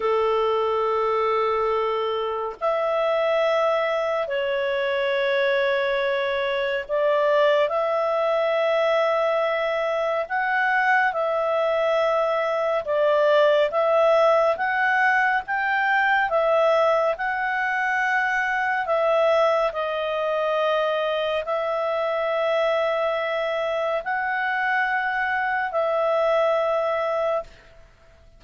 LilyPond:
\new Staff \with { instrumentName = "clarinet" } { \time 4/4 \tempo 4 = 70 a'2. e''4~ | e''4 cis''2. | d''4 e''2. | fis''4 e''2 d''4 |
e''4 fis''4 g''4 e''4 | fis''2 e''4 dis''4~ | dis''4 e''2. | fis''2 e''2 | }